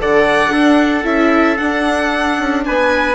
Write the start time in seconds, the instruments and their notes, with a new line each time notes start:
0.00 bassoon D3, viola A4, trumpet D5, violin F#5
0.49 viola D4, bassoon D4, trumpet A4
1.04 bassoon C#4, viola E4, violin E5
1.58 viola D4, bassoon D4, violin F#5
2.38 bassoon C#4
2.66 bassoon B3, trumpet B4, violin G#5